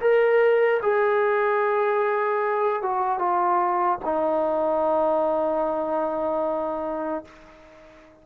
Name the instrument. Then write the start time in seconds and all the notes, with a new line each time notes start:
trombone
0.00 A#4
0.82 G#4
2.82 F#4
3.18 F4
4.04 D#4